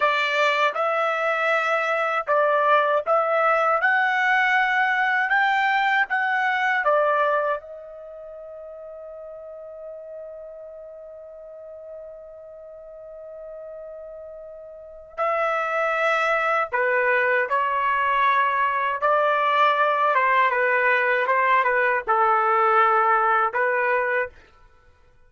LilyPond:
\new Staff \with { instrumentName = "trumpet" } { \time 4/4 \tempo 4 = 79 d''4 e''2 d''4 | e''4 fis''2 g''4 | fis''4 d''4 dis''2~ | dis''1~ |
dis''1 | e''2 b'4 cis''4~ | cis''4 d''4. c''8 b'4 | c''8 b'8 a'2 b'4 | }